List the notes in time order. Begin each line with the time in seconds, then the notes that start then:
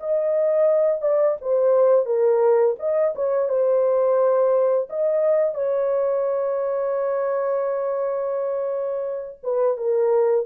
0.00 D#5
1.01 D5
1.41 C5
2.05 A#4
2.79 D#5
3.15 C#5
3.49 C5
4.89 D#5
5.54 C#5
9.43 B4
9.77 A#4